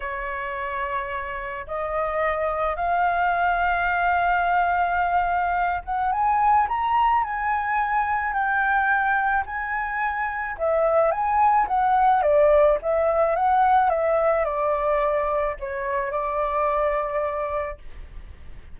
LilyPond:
\new Staff \with { instrumentName = "flute" } { \time 4/4 \tempo 4 = 108 cis''2. dis''4~ | dis''4 f''2.~ | f''2~ f''8 fis''8 gis''4 | ais''4 gis''2 g''4~ |
g''4 gis''2 e''4 | gis''4 fis''4 d''4 e''4 | fis''4 e''4 d''2 | cis''4 d''2. | }